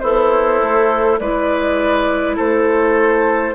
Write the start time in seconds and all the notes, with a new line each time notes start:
0.00 B3 E4 A4 C5
0.62 A3
1.19 G#3 E4 B4 D5
2.37 A3 A4 C5